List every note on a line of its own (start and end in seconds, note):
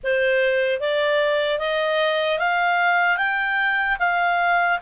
0.03 0.80 C5
0.80 1.59 D5
1.59 2.39 D#5
2.39 3.17 F5
3.17 3.97 G5
3.99 4.79 F5